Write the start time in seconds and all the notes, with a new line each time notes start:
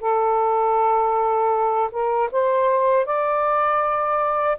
0.00 A4
1.92 A#4
2.32 C5
3.06 D5